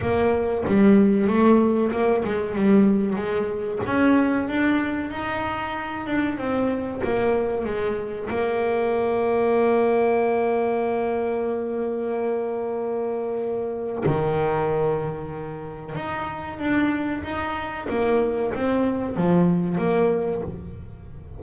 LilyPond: \new Staff \with { instrumentName = "double bass" } { \time 4/4 \tempo 4 = 94 ais4 g4 a4 ais8 gis8 | g4 gis4 cis'4 d'4 | dis'4. d'8 c'4 ais4 | gis4 ais2.~ |
ais1~ | ais2 dis2~ | dis4 dis'4 d'4 dis'4 | ais4 c'4 f4 ais4 | }